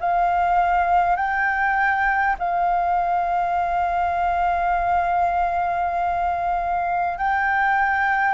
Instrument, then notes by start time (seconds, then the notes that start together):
flute
0.00 F5
1.16 G5
2.39 F5
7.18 G5